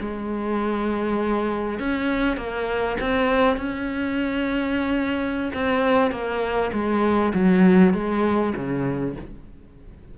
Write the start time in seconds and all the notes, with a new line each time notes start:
0.00 G#3
1.79 C#4
2.37 A#3
3.01 C4
3.57 C#4
5.54 C4
6.11 A#3
6.73 G#3
7.34 F#3
7.94 G#3
8.56 C#3